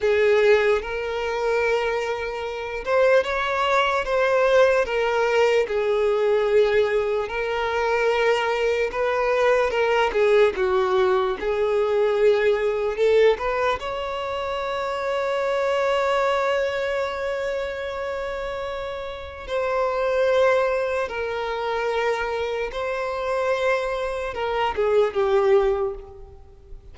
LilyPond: \new Staff \with { instrumentName = "violin" } { \time 4/4 \tempo 4 = 74 gis'4 ais'2~ ais'8 c''8 | cis''4 c''4 ais'4 gis'4~ | gis'4 ais'2 b'4 | ais'8 gis'8 fis'4 gis'2 |
a'8 b'8 cis''2.~ | cis''1 | c''2 ais'2 | c''2 ais'8 gis'8 g'4 | }